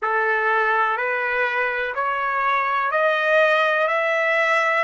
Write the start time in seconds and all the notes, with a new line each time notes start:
0.02 A4
0.97 B4
1.94 C#5
2.91 D#5
3.87 E5